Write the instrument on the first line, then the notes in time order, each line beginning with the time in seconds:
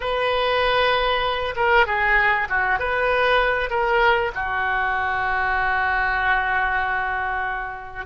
oboe
0.00 B4
1.55 A#4
1.86 G#4
2.49 F#4
2.79 B4
3.69 A#4
4.34 F#4